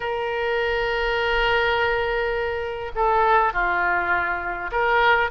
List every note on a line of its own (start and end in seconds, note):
0.00 2.91 A#4
2.95 3.53 A4
3.53 4.70 F4
4.71 5.30 A#4